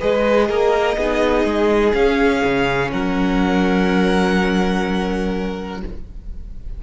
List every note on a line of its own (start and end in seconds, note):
0.00 0.50 G#3
0.00 0.97 G#4
0.00 0.48 B4
0.00 1.94 D#5
0.49 0.97 A#3
0.49 0.97 A#4
0.97 1.45 B3
0.97 1.94 D#4
0.97 2.91 G#4
1.45 1.93 G#3
1.94 5.81 C#4
1.94 2.43 C#4
1.94 2.91 F5
2.45 2.93 C#3
2.92 5.84 F#3
2.92 5.82 A#4
2.92 5.82 F#5